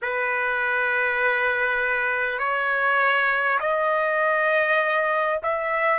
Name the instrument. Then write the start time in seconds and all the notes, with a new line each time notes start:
trumpet
0.02 B4
2.38 C#5
3.59 D#5
5.43 E5